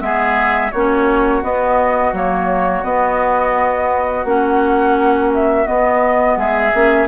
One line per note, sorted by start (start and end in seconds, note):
0.00 0.71 G#3
0.00 0.71 B3
0.00 0.72 G#4
0.00 0.71 E5
0.71 1.43 A#3
0.71 1.43 C#4
0.71 6.37 F#4
0.71 1.42 C#5
1.43 2.13 B3
1.43 2.14 D#5
2.13 2.83 F#3
2.13 2.83 A#3
2.13 2.84 C#5
2.83 4.25 B3
2.83 4.25 D#5
4.25 5.66 A#3
4.25 5.66 C#4
4.25 5.33 F#5
5.34 5.67 E5
5.66 6.72 B3
5.66 6.36 B3
5.66 6.37 D#5
6.36 6.72 G#3
6.36 7.07 G#4
6.36 7.07 E5
6.74 7.07 A#3
6.74 7.07 C#4